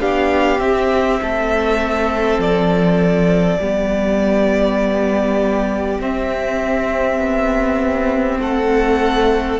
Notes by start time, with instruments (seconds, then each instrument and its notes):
0.00 cello B3, viola D4, violin G4 F5
0.58 viola C4, cello C4, violin E5
1.21 cello A3, violin A4
2.38 cello F3, violin D5
3.59 cello G3, viola B3, violin G4
6.00 cello C4, viola C4, violin E5
7.19 cello B3
8.40 cello A3, violin A4 F#5